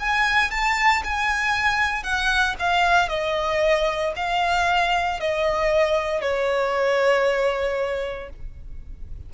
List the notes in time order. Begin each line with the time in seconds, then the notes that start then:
0.00 G#5
0.51 A5
1.04 G#5
2.03 F#5
2.59 F5
3.09 D#5
4.16 F5
5.20 D#5
6.21 C#5